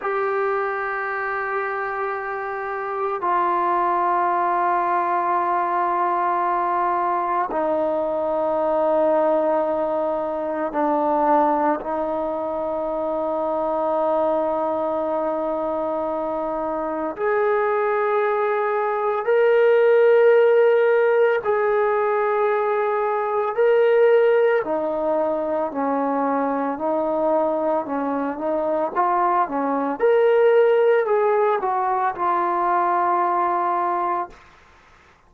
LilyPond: \new Staff \with { instrumentName = "trombone" } { \time 4/4 \tempo 4 = 56 g'2. f'4~ | f'2. dis'4~ | dis'2 d'4 dis'4~ | dis'1 |
gis'2 ais'2 | gis'2 ais'4 dis'4 | cis'4 dis'4 cis'8 dis'8 f'8 cis'8 | ais'4 gis'8 fis'8 f'2 | }